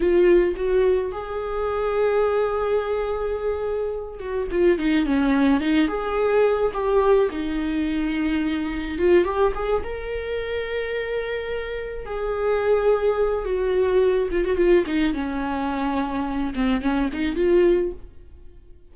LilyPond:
\new Staff \with { instrumentName = "viola" } { \time 4/4 \tempo 4 = 107 f'4 fis'4 gis'2~ | gis'2.~ gis'8 fis'8 | f'8 dis'8 cis'4 dis'8 gis'4. | g'4 dis'2. |
f'8 g'8 gis'8 ais'2~ ais'8~ | ais'4. gis'2~ gis'8 | fis'4. f'16 fis'16 f'8 dis'8 cis'4~ | cis'4. c'8 cis'8 dis'8 f'4 | }